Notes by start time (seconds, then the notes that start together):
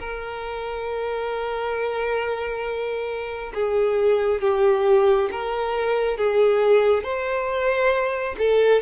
0.00 A#4
3.55 G#4
4.42 G4
5.32 A#4
6.18 G#4
7.03 C5
8.39 A4